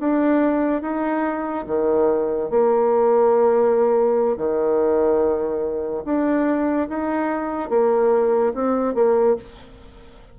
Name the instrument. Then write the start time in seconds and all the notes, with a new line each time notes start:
bassoon
0.00 D4
0.82 D#4
1.67 D#3
2.50 A#3
4.37 D#3
6.05 D4
6.89 D#4
7.70 A#3
8.55 C4
8.95 A#3